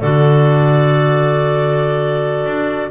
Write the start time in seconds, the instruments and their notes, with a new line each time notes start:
0.00 double bass D3, clarinet F#4 A4 D5
2.45 double bass D4